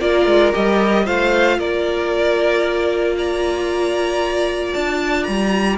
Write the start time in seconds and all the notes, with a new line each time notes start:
0.00 A#3 F4 A#4 D5
0.27 G#3
0.52 G3 G4 D#5
1.05 A3 F4 C5 F5
1.58 A#3 A#4 D5
3.18 D5 A#5
4.74 D4 A5
5.24 G3 A#5